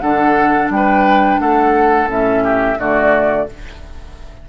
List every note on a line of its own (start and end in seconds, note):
0.00 0.70 D3
0.00 2.08 D4
0.00 0.72 A4
0.00 0.69 F#5
0.70 1.39 G3
0.70 1.40 G5
0.76 1.41 B4
1.40 2.08 A3
1.40 2.44 A4
1.40 2.09 F#5
2.08 2.77 A2
2.08 2.77 C#4
2.08 2.80 E5
2.44 2.78 G4
2.79 3.48 D3
2.79 3.48 A3
2.79 3.49 F#4
2.79 3.49 D5